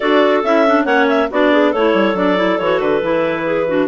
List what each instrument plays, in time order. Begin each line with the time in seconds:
0.00 bassoon D4, clarinet F#4 A4 D5
0.43 bassoon C#4, clarinet E4 E5
0.67 clarinet D4
0.85 bassoon A#3, clarinet C#4 C#5 F#5
1.08 clarinet E5
1.30 bassoon B3, clarinet D4 F#4 D5
1.52 clarinet G#4
1.70 bassoon A3, clarinet E4 A4 C#5
1.93 bassoon G3
2.14 bassoon F#3, clarinet D4 D5
2.36 clarinet E4
2.58 bassoon E3, clarinet F#4 C#5
2.79 bassoon D3, clarinet B4
3.02 bassoon E3, clarinet E4
3.45 clarinet G#4
3.67 clarinet D4 F#4